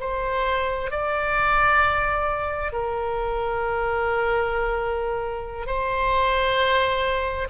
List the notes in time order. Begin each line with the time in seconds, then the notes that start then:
0.00 C5
0.91 D5
2.72 A#4
5.66 C5